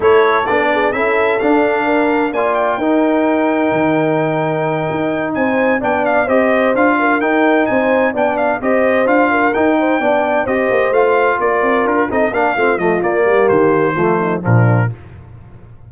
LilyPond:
<<
  \new Staff \with { instrumentName = "trumpet" } { \time 4/4 \tempo 4 = 129 cis''4 d''4 e''4 f''4~ | f''4 gis''8 g''2~ g''8~ | g''2.~ g''8 gis''8~ | gis''8 g''8 f''8 dis''4 f''4 g''8~ |
g''8 gis''4 g''8 f''8 dis''4 f''8~ | f''8 g''2 dis''4 f''8~ | f''8 d''4 ais'8 dis''8 f''4 dis''8 | d''4 c''2 ais'4 | }
  \new Staff \with { instrumentName = "horn" } { \time 4/4 a'4. gis'8 a'2 | ais'4 d''4 ais'2~ | ais'2.~ ais'8 c''8~ | c''8 d''4 c''4. ais'4~ |
ais'8 c''4 d''4 c''4. | ais'4 c''8 d''4 c''4.~ | c''8 ais'4. a'8 ais'8 f'4~ | f'8 g'4. f'8 dis'8 d'4 | }
  \new Staff \with { instrumentName = "trombone" } { \time 4/4 e'4 d'4 e'4 d'4~ | d'4 f'4 dis'2~ | dis'1~ | dis'8 d'4 g'4 f'4 dis'8~ |
dis'4. d'4 g'4 f'8~ | f'8 dis'4 d'4 g'4 f'8~ | f'2 dis'8 d'8 c'8 a8 | ais2 a4 f4 | }
  \new Staff \with { instrumentName = "tuba" } { \time 4/4 a4 b4 cis'4 d'4~ | d'4 ais4 dis'2 | dis2~ dis8 dis'4 c'8~ | c'8 b4 c'4 d'4 dis'8~ |
dis'8 c'4 b4 c'4 d'8~ | d'8 dis'4 b4 c'8 ais8 a8~ | a8 ais8 c'8 d'8 c'8 ais8 a8 f8 | ais8 g8 dis4 f4 ais,4 | }
>>